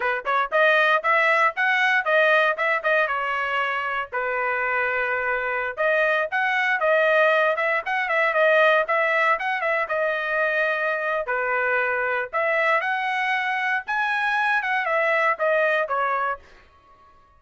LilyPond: \new Staff \with { instrumentName = "trumpet" } { \time 4/4 \tempo 4 = 117 b'8 cis''8 dis''4 e''4 fis''4 | dis''4 e''8 dis''8 cis''2 | b'2.~ b'16 dis''8.~ | dis''16 fis''4 dis''4. e''8 fis''8 e''16~ |
e''16 dis''4 e''4 fis''8 e''8 dis''8.~ | dis''2 b'2 | e''4 fis''2 gis''4~ | gis''8 fis''8 e''4 dis''4 cis''4 | }